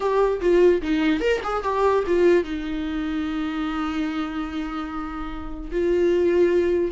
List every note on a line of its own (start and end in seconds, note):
0.00 0.40 G4
0.40 0.81 F4
0.81 1.20 D#4
1.20 1.40 A#4
1.43 1.63 G#4
1.63 2.04 G4
2.06 2.44 F4
2.44 5.70 D#4
5.71 6.91 F4